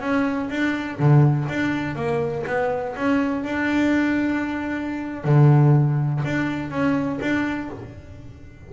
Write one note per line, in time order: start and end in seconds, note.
0.00 0.49 C#4
0.49 0.98 D4
0.99 1.47 D3
1.48 1.95 D4
1.95 2.44 A#3
2.46 2.95 B3
2.96 3.43 C#4
3.43 5.24 D4
5.24 6.22 D3
6.24 6.70 D4
6.70 7.19 C#4
7.21 7.70 D4